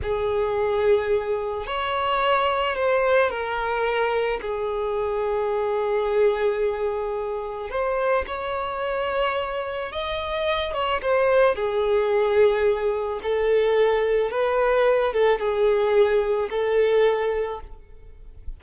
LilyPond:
\new Staff \with { instrumentName = "violin" } { \time 4/4 \tempo 4 = 109 gis'2. cis''4~ | cis''4 c''4 ais'2 | gis'1~ | gis'2 c''4 cis''4~ |
cis''2 dis''4. cis''8 | c''4 gis'2. | a'2 b'4. a'8 | gis'2 a'2 | }